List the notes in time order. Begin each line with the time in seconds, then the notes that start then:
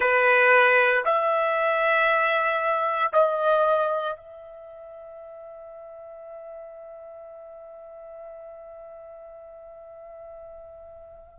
0.00 B4
1.04 E5
3.13 D#5
4.16 E5